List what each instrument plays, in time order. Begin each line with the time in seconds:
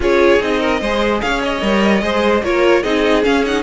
0.00 cello C#4, viola F4, violin G#4 C#5
0.39 cello C4, viola D#4, violin D#5
0.60 violin A#4
0.80 cello G#3, viola G#4, violin C5
1.21 cello C#4, violin C#5 F5
1.43 violin D#5
1.61 cello G3, viola A#4
2.01 cello G#3, viola G#4, violin C5
2.43 cello A#3, viola F4, violin A#4 C#5
2.82 cello C4, viola D#4, violin G#4 D#5
3.22 viola C#4, cello C#4, violin F5
3.45 viola D#4, violin F#5